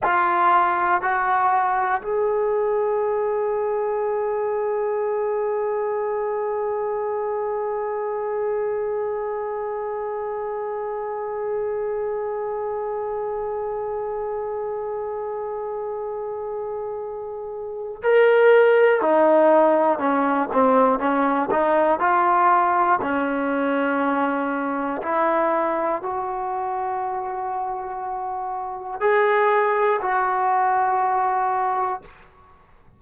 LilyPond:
\new Staff \with { instrumentName = "trombone" } { \time 4/4 \tempo 4 = 60 f'4 fis'4 gis'2~ | gis'1~ | gis'1~ | gis'1~ |
gis'2 ais'4 dis'4 | cis'8 c'8 cis'8 dis'8 f'4 cis'4~ | cis'4 e'4 fis'2~ | fis'4 gis'4 fis'2 | }